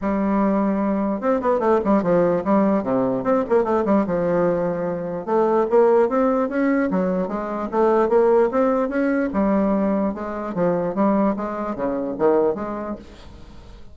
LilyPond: \new Staff \with { instrumentName = "bassoon" } { \time 4/4 \tempo 4 = 148 g2. c'8 b8 | a8 g8 f4 g4 c4 | c'8 ais8 a8 g8 f2~ | f4 a4 ais4 c'4 |
cis'4 fis4 gis4 a4 | ais4 c'4 cis'4 g4~ | g4 gis4 f4 g4 | gis4 cis4 dis4 gis4 | }